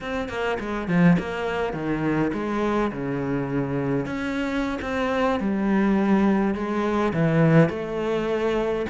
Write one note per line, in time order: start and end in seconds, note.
0.01 0.29 C4
0.29 0.58 A#3
0.59 0.88 G#3
0.88 1.17 F3
1.18 1.73 A#3
1.73 2.31 D#3
2.33 2.91 G#3
2.92 4.06 C#3
4.06 4.78 C#4
4.81 5.39 C4
5.40 6.54 G3
6.54 7.12 G#3
7.13 7.69 E3
7.69 8.85 A3